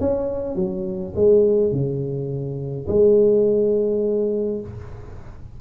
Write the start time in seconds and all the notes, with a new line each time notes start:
0.00 C#4
0.55 F#3
1.15 G#3
1.72 C#3
2.87 G#3